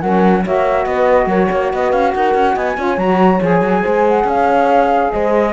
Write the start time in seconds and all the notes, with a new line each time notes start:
0.00 F#3 C#4 A#4 F#5
0.43 A#3 F#4 C#5 E5
0.85 B3 B4 D#5
1.26 F#3 A#4 C#5
1.51 A#3 C#5
1.72 B3 B4 D#5
1.92 C#4 F5
2.13 D#4 A#4 F#5
2.34 C#4
2.54 B3 D#5 G#5
2.76 C#4 F4 C#5
2.97 F#3 F#4 A#5
3.41 F3 G#4 G#5
3.61 F#3
3.81 G#3 C5
4.08 F#5
4.24 C#4 C#5 F5
5.12 G#3 C5 D#5